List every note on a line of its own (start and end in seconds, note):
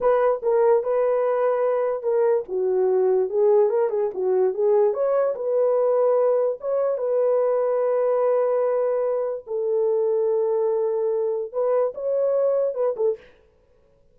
0.00 0.41 B4
0.42 0.83 A#4
0.83 2.02 B4
2.02 2.44 A#4
2.48 3.29 F#4
3.29 3.69 G#4
3.69 3.89 A#4
3.89 4.10 G#4
4.13 4.54 F#4
4.54 4.93 G#4
4.93 5.34 C#5
5.35 6.58 B4
6.60 6.97 C#5
6.97 9.44 B4
9.47 11.52 A4
11.52 11.93 B4
11.94 12.74 C#5
12.74 12.95 B4
12.96 13.16 A4